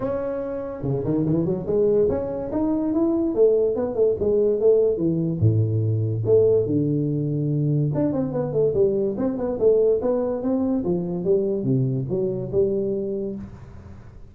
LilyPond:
\new Staff \with { instrumentName = "tuba" } { \time 4/4 \tempo 4 = 144 cis'2 cis8 dis8 e8 fis8 | gis4 cis'4 dis'4 e'4 | a4 b8 a8 gis4 a4 | e4 a,2 a4 |
d2. d'8 c'8 | b8 a8 g4 c'8 b8 a4 | b4 c'4 f4 g4 | c4 fis4 g2 | }